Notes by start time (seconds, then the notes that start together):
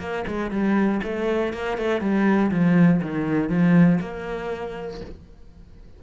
0.00 A#3
0.28 G#3
0.51 G3
1.04 A3
1.54 A#3
1.78 A3
2.01 G3
2.52 F3
3.02 D#3
3.50 F3
4.01 A#3